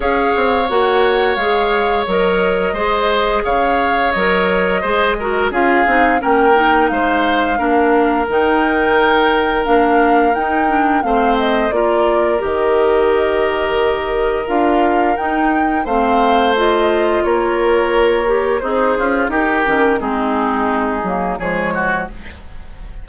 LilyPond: <<
  \new Staff \with { instrumentName = "flute" } { \time 4/4 \tempo 4 = 87 f''4 fis''4 f''4 dis''4~ | dis''4 f''4 dis''2 | f''4 g''4 f''2 | g''2 f''4 g''4 |
f''8 dis''8 d''4 dis''2~ | dis''4 f''4 g''4 f''4 | dis''4 cis''2 c''4 | ais'4 gis'2 cis''4 | }
  \new Staff \with { instrumentName = "oboe" } { \time 4/4 cis''1 | c''4 cis''2 c''8 ais'8 | gis'4 ais'4 c''4 ais'4~ | ais'1 |
c''4 ais'2.~ | ais'2. c''4~ | c''4 ais'2 dis'8 f'8 | g'4 dis'2 gis'8 fis'8 | }
  \new Staff \with { instrumentName = "clarinet" } { \time 4/4 gis'4 fis'4 gis'4 ais'4 | gis'2 ais'4 gis'8 fis'8 | f'8 dis'8 cis'8 dis'4. d'4 | dis'2 d'4 dis'8 d'8 |
c'4 f'4 g'2~ | g'4 f'4 dis'4 c'4 | f'2~ f'8 g'8 gis'4 | dis'8 cis'8 c'4. ais8 gis4 | }
  \new Staff \with { instrumentName = "bassoon" } { \time 4/4 cis'8 c'8 ais4 gis4 fis4 | gis4 cis4 fis4 gis4 | cis'8 c'8 ais4 gis4 ais4 | dis2 ais4 dis'4 |
a4 ais4 dis2~ | dis4 d'4 dis'4 a4~ | a4 ais2 c'8 cis'8 | dis'8 dis8 gis4. fis8 f4 | }
>>